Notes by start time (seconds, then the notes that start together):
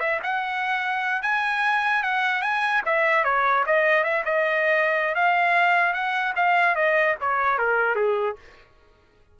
0.00 E5
0.23 F#5
1.23 G#5
2.03 F#5
2.42 G#5
2.86 E5
3.24 C#5
3.66 D#5
4.04 E5
4.25 D#5
5.15 F5
5.94 F#5
6.36 F5
6.76 D#5
7.21 C#5
7.59 A#4
7.96 G#4